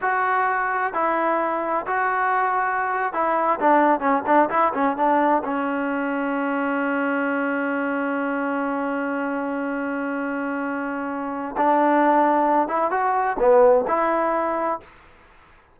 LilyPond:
\new Staff \with { instrumentName = "trombone" } { \time 4/4 \tempo 4 = 130 fis'2 e'2 | fis'2~ fis'8. e'4 d'16~ | d'8. cis'8 d'8 e'8 cis'8 d'4 cis'16~ | cis'1~ |
cis'1~ | cis'1~ | cis'4 d'2~ d'8 e'8 | fis'4 b4 e'2 | }